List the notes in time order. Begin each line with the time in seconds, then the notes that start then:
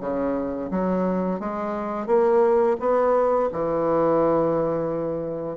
0.00 C#3
0.70 F#3
1.40 G#3
2.06 A#3
2.79 B3
3.52 E3